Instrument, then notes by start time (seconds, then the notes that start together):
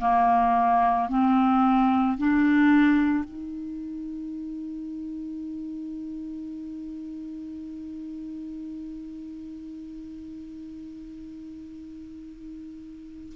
clarinet
0.00 A#3
1.09 C4
2.18 D4
3.24 D#4